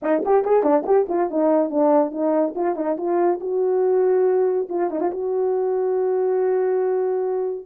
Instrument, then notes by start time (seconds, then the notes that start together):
horn
0.02 D#4
0.25 G4
0.44 G#4
0.63 D4
0.86 G4
1.09 F4
1.30 D#4
1.70 D4
2.11 D#4
2.55 F4
2.75 D#4
2.97 F4
3.40 F#4
4.69 F4
4.90 D#4
5.00 F4
5.11 F#4